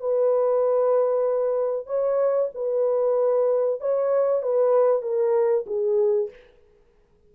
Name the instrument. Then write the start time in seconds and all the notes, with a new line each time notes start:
horn
0.00 B4
1.87 C#5
2.55 B4
3.80 C#5
4.42 B4
5.02 A#4
5.67 G#4